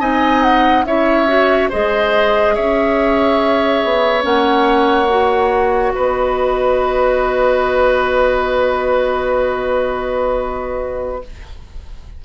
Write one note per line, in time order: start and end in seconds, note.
0.00 0.85 C4
0.00 0.85 D#4
0.00 0.85 D#5
0.00 0.43 G#5
0.43 0.85 F#5
0.85 1.70 C#4
0.85 1.28 E4
0.85 1.70 C#5
0.85 1.70 E5
1.28 1.70 F#4
1.70 2.58 G#3
1.70 4.23 G#4
1.70 2.54 C5
1.70 2.55 D#5
2.55 3.84 C#4
2.55 5.93 C#5
2.55 4.24 E5
3.84 4.25 B3
4.23 5.94 A#3
4.23 5.07 C#4
4.23 5.93 F#5
5.09 11.22 F#4
5.93 11.25 B3
5.93 11.23 B4
5.93 11.22 D#5